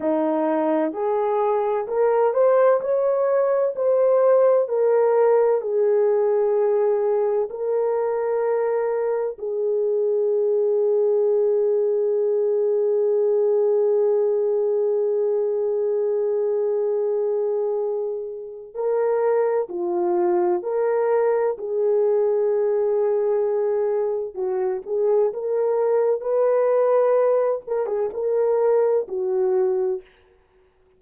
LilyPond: \new Staff \with { instrumentName = "horn" } { \time 4/4 \tempo 4 = 64 dis'4 gis'4 ais'8 c''8 cis''4 | c''4 ais'4 gis'2 | ais'2 gis'2~ | gis'1~ |
gis'1 | ais'4 f'4 ais'4 gis'4~ | gis'2 fis'8 gis'8 ais'4 | b'4. ais'16 gis'16 ais'4 fis'4 | }